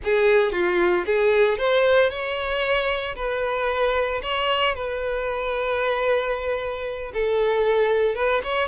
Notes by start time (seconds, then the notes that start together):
0.04 G#4
0.52 F4
1.06 G#4
1.57 C5
2.10 C#5
3.15 B4
4.22 C#5
4.75 B4
7.13 A4
8.15 B4
8.43 C#5